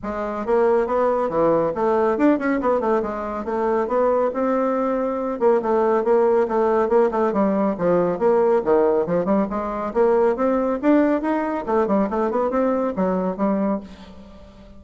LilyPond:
\new Staff \with { instrumentName = "bassoon" } { \time 4/4 \tempo 4 = 139 gis4 ais4 b4 e4 | a4 d'8 cis'8 b8 a8 gis4 | a4 b4 c'2~ | c'8 ais8 a4 ais4 a4 |
ais8 a8 g4 f4 ais4 | dis4 f8 g8 gis4 ais4 | c'4 d'4 dis'4 a8 g8 | a8 b8 c'4 fis4 g4 | }